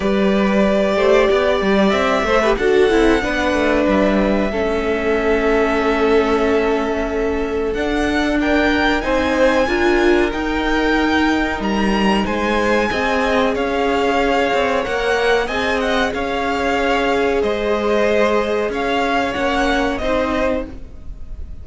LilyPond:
<<
  \new Staff \with { instrumentName = "violin" } { \time 4/4 \tempo 4 = 93 d''2. e''4 | fis''2 e''2~ | e''1 | fis''4 g''4 gis''2 |
g''2 ais''4 gis''4~ | gis''4 f''2 fis''4 | gis''8 fis''8 f''2 dis''4~ | dis''4 f''4 fis''4 dis''4 | }
  \new Staff \with { instrumentName = "violin" } { \time 4/4 b'4. c''8 d''4. c''16 b'16 | a'4 b'2 a'4~ | a'1~ | a'4 ais'4 c''4 ais'4~ |
ais'2. c''4 | dis''4 cis''2. | dis''4 cis''2 c''4~ | c''4 cis''2 c''4 | }
  \new Staff \with { instrumentName = "viola" } { \time 4/4 g'2.~ g'8 a'16 g'16 | fis'8 e'8 d'2 cis'4~ | cis'1 | d'2 dis'4 f'4 |
dis'1 | gis'2. ais'4 | gis'1~ | gis'2 cis'4 dis'4 | }
  \new Staff \with { instrumentName = "cello" } { \time 4/4 g4. a8 b8 g8 c'8 a8 | d'8 c'8 b8 a8 g4 a4~ | a1 | d'2 c'4 d'4 |
dis'2 g4 gis4 | c'4 cis'4. c'8 ais4 | c'4 cis'2 gis4~ | gis4 cis'4 ais4 c'4 | }
>>